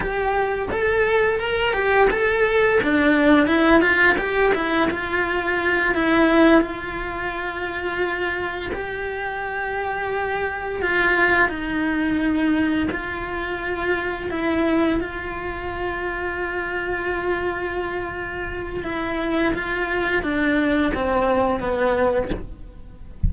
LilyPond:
\new Staff \with { instrumentName = "cello" } { \time 4/4 \tempo 4 = 86 g'4 a'4 ais'8 g'8 a'4 | d'4 e'8 f'8 g'8 e'8 f'4~ | f'8 e'4 f'2~ f'8~ | f'8 g'2. f'8~ |
f'8 dis'2 f'4.~ | f'8 e'4 f'2~ f'8~ | f'2. e'4 | f'4 d'4 c'4 b4 | }